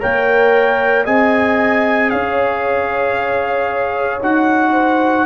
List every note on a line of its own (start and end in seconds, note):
0.00 1.07 A#3
0.00 1.05 A#4
0.00 1.05 C#5
0.00 1.06 G5
1.05 2.12 C4
1.05 4.21 G#4
1.05 2.10 D#5
1.05 2.11 G#5
2.11 4.22 C#4
2.11 4.72 C#5
2.11 4.21 F5
4.22 5.26 D#4
4.22 5.26 F#4
4.22 5.26 F#5
4.72 5.25 C5